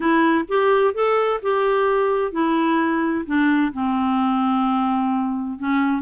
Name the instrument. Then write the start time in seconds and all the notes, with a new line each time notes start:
clarinet
0.00 E4
0.48 G4
0.94 A4
1.42 G4
2.32 E4
3.26 D4
3.73 C4
5.59 C#4